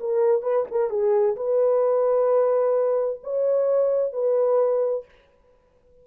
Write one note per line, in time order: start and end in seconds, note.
0.00 0.42 A#4
0.42 0.65 B4
0.71 0.90 A#4
0.90 1.36 G#4
1.36 3.21 B4
3.23 4.13 C#5
4.13 5.05 B4